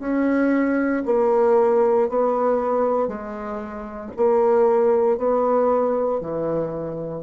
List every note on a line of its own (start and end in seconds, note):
0.00 1.03 C#4
1.06 2.10 A#3
2.10 3.08 B3
3.08 4.11 G#3
4.17 5.18 A#3
5.18 6.21 B3
6.21 7.23 E3